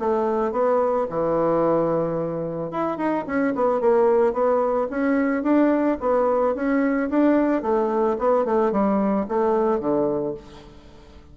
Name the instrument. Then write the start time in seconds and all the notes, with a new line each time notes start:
bassoon
0.00 A3
0.52 B3
1.10 E3
2.72 E4
2.98 D#4
3.27 C#4
3.56 B3
3.81 A#3
4.33 B3
4.91 C#4
5.44 D4
6.01 B3
6.55 C#4
7.10 D4
7.63 A3
8.19 B3
8.45 A3
8.72 G3
9.29 A3
9.80 D3